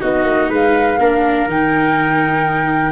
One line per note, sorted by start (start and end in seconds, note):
0.00 0.24 B3
0.00 0.98 D#4
0.00 0.50 F#4
0.00 0.51 D#5
0.24 0.49 A#3
0.49 0.98 G#3
0.49 0.98 B4
0.49 1.50 F5
0.99 1.47 A#3
0.99 1.49 D4
0.99 2.92 A#4
1.47 2.92 D#3
1.47 2.92 D#4
1.47 2.92 G5